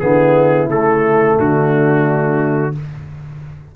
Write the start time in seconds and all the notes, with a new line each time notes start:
0.00 D3 B3 E4 G#4
0.67 C#3 A3 A4
1.39 D3 D4 F#4